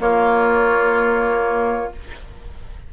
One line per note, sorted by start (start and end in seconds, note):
0.00 1.91 A#3
0.00 1.92 A#3
0.00 1.94 F4
0.00 1.92 C#5